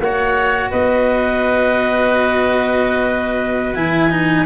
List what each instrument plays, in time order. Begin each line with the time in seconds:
0.00 tuba A#3, cello F#4, oboe C#5, clarinet F#5
0.71 tuba B3, oboe B4, clarinet D#5
3.75 tuba E3, cello E4, clarinet G#5
4.10 cello D#4